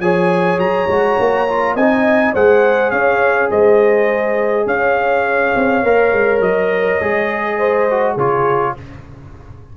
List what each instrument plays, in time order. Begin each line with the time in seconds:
0.00 tuba F3, trombone G#4, horn C#5, trumpet G#5
0.58 tuba F#3, trumpet A#5
0.88 tuba G#3, trombone F#4
1.19 tuba A#3
1.49 trombone F4
1.75 tuba C4, trombone D#4, horn D#5, trumpet G#5
2.34 tuba G#3, trombone G#4, horn C5, trumpet F#5
2.91 tuba C#4, horn C#5, trumpet F5
3.51 tuba G#3, horn C5, trumpet D#5
4.67 tuba C#4, horn C#5, trumpet F5
5.56 tuba C4
5.83 tuba A#3, trombone A#4
6.13 tuba G#3
6.41 tuba F#3, trumpet D#5
7.01 tuba G#3, trombone G#4
7.58 horn C5
7.91 trombone F#4
8.15 tuba C#3, trombone F4, horn G#4, trumpet C#5